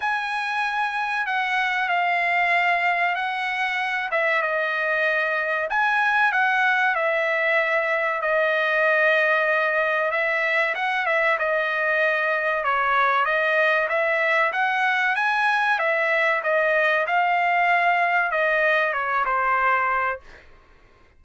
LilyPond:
\new Staff \with { instrumentName = "trumpet" } { \time 4/4 \tempo 4 = 95 gis''2 fis''4 f''4~ | f''4 fis''4. e''8 dis''4~ | dis''4 gis''4 fis''4 e''4~ | e''4 dis''2. |
e''4 fis''8 e''8 dis''2 | cis''4 dis''4 e''4 fis''4 | gis''4 e''4 dis''4 f''4~ | f''4 dis''4 cis''8 c''4. | }